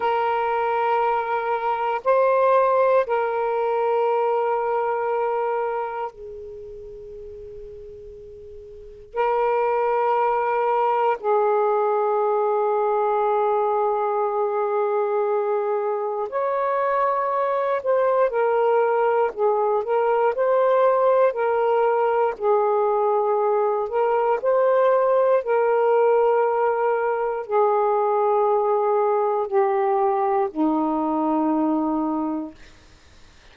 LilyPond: \new Staff \with { instrumentName = "saxophone" } { \time 4/4 \tempo 4 = 59 ais'2 c''4 ais'4~ | ais'2 gis'2~ | gis'4 ais'2 gis'4~ | gis'1 |
cis''4. c''8 ais'4 gis'8 ais'8 | c''4 ais'4 gis'4. ais'8 | c''4 ais'2 gis'4~ | gis'4 g'4 dis'2 | }